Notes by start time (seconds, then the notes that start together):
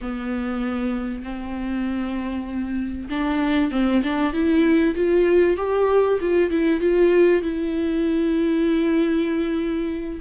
0.01 B3
1.23 C4
3.09 D4
3.71 C4
4.03 D4
4.33 E4
4.95 F4
5.57 G4
6.20 F4
6.50 E4
6.80 F4
7.41 E4